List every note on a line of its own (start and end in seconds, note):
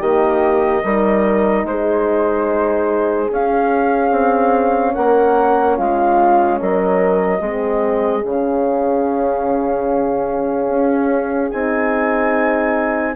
0.00 0.83 D#3
0.00 0.84 A#3
0.00 0.82 G4
0.00 1.65 D#5
0.84 1.64 G3
0.84 3.28 D#4
0.84 1.66 A#4
1.64 3.29 G#3
1.64 4.94 G#4
1.64 3.30 C5
3.28 7.39 C#4
3.28 4.11 C#4
3.28 4.94 F5
4.11 4.93 C4
4.94 5.78 A#3
4.94 5.76 A#4
4.94 5.76 F#5
5.77 6.60 G#3
5.77 6.59 F4
5.77 6.59 F5
6.59 7.40 F#3
6.59 7.40 A#4
6.59 8.23 D#5
7.40 8.23 G#3
7.40 8.23 C4
7.40 13.15 G#4
8.23 10.68 C#3
8.23 11.50 C#4
8.23 11.50 F5
10.68 11.51 C#4
11.50 13.16 C4
11.50 13.15 D#4
11.50 13.15 G#5